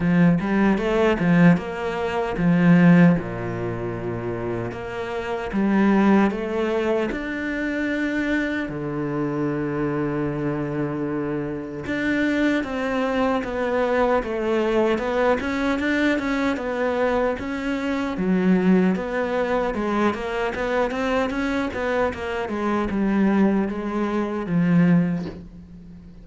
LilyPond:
\new Staff \with { instrumentName = "cello" } { \time 4/4 \tempo 4 = 76 f8 g8 a8 f8 ais4 f4 | ais,2 ais4 g4 | a4 d'2 d4~ | d2. d'4 |
c'4 b4 a4 b8 cis'8 | d'8 cis'8 b4 cis'4 fis4 | b4 gis8 ais8 b8 c'8 cis'8 b8 | ais8 gis8 g4 gis4 f4 | }